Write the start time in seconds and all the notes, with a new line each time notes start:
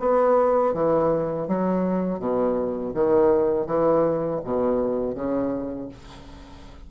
0.00 B3
0.74 E3
1.48 F#3
2.20 B2
2.95 D#3
3.67 E3
4.45 B2
5.15 C#3